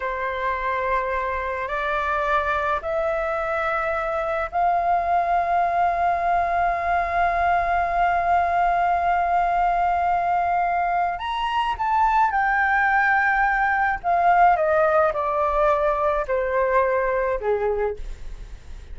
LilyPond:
\new Staff \with { instrumentName = "flute" } { \time 4/4 \tempo 4 = 107 c''2. d''4~ | d''4 e''2. | f''1~ | f''1~ |
f''1 | ais''4 a''4 g''2~ | g''4 f''4 dis''4 d''4~ | d''4 c''2 gis'4 | }